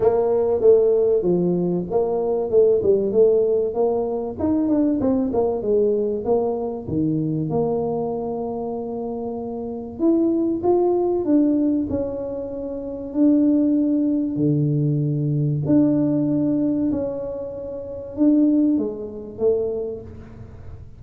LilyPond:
\new Staff \with { instrumentName = "tuba" } { \time 4/4 \tempo 4 = 96 ais4 a4 f4 ais4 | a8 g8 a4 ais4 dis'8 d'8 | c'8 ais8 gis4 ais4 dis4 | ais1 |
e'4 f'4 d'4 cis'4~ | cis'4 d'2 d4~ | d4 d'2 cis'4~ | cis'4 d'4 gis4 a4 | }